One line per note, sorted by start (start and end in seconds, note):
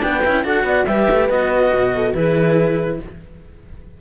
0.00 0.25 B3
0.00 0.21 D4
0.00 0.45 B4
0.00 0.45 G5
0.25 0.45 C#4
0.25 0.44 E4
0.44 0.64 D4
0.44 0.86 F#4
0.44 0.66 A4
0.44 0.86 F#5
0.64 0.85 B3
0.64 0.88 D5
0.86 1.09 G3
0.86 1.30 G4
0.86 1.94 B4
0.86 1.29 E5
1.10 1.29 A3
1.29 1.72 B3
1.29 2.15 F#4
1.29 2.14 D#5
1.74 2.15 B2
1.95 2.16 A4
2.14 3.00 E3
2.14 3.00 E4
2.14 3.01 G#4
2.14 2.99 B4